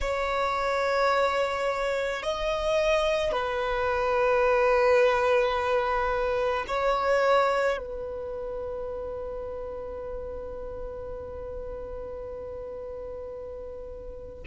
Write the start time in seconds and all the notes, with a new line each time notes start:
0.01 C#5
2.22 D#5
3.31 B4
6.67 C#5
7.77 B4